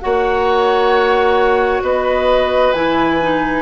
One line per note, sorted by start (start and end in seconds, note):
0.00 1.82 A#3
0.00 2.74 F#4
0.00 1.84 C#5
0.00 1.82 F#5
1.82 2.73 B3
1.82 3.62 B4
1.82 2.73 D#5
2.73 3.62 E3
2.73 3.20 E4
2.73 3.62 G#5
3.22 3.62 D#4